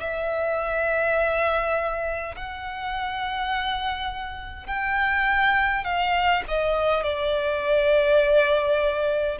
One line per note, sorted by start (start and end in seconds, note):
0.00 2.35 E5
2.36 4.67 F#5
4.67 5.84 G5
5.84 6.43 F5
6.48 7.03 D#5
7.03 9.39 D5